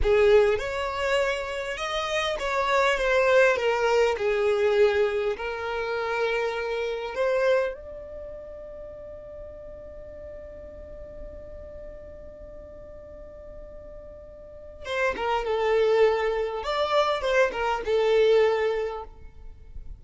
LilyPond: \new Staff \with { instrumentName = "violin" } { \time 4/4 \tempo 4 = 101 gis'4 cis''2 dis''4 | cis''4 c''4 ais'4 gis'4~ | gis'4 ais'2. | c''4 d''2.~ |
d''1~ | d''1~ | d''4 c''8 ais'8 a'2 | d''4 c''8 ais'8 a'2 | }